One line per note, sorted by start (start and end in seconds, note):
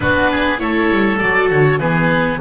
0.00 0.59 B3
0.00 0.58 D4
0.00 0.31 F#4
0.00 0.59 B4
0.31 0.61 G#4
0.58 0.90 A3
0.58 1.18 E4
0.58 1.79 A4
0.58 1.18 C#5
0.90 1.20 G3
1.18 1.50 F#3
1.18 1.80 F#4
1.18 1.48 D5
1.50 1.79 D3
1.50 1.79 C#5
1.79 2.39 E3
1.79 2.40 B3
1.79 2.39 G#4
1.79 2.39 B4